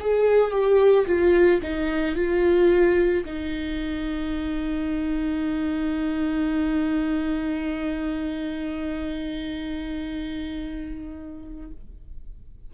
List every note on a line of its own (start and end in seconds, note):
0.00 0.51 G#4
0.51 1.06 G4
1.06 1.61 F4
1.62 2.15 D#4
2.15 3.24 F4
3.25 11.71 D#4